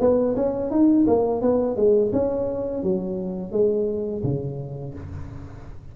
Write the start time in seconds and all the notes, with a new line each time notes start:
0.00 B3
0.36 C#4
0.71 D#4
1.07 A#3
1.41 B3
1.76 G#3
2.13 C#4
2.83 F#3
3.52 G#3
4.24 C#3